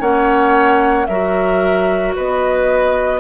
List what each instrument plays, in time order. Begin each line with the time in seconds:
0.00 bassoon A#3, clarinet C#4, oboe C#5, flute F#5
1.06 bassoon F#3, clarinet F#4, oboe A#4, flute E5
2.15 bassoon B3, oboe B4, flute D#5